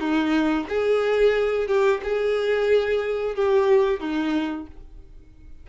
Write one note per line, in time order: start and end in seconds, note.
0.00 0.67 D#4
0.69 1.68 G#4
1.68 2.01 G4
2.04 3.35 G#4
3.35 4.00 G4
4.00 4.67 D#4